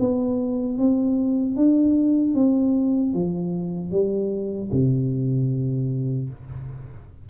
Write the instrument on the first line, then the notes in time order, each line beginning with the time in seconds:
tuba
0.00 B3
0.78 C4
1.56 D4
2.35 C4
3.14 F3
3.92 G3
4.72 C3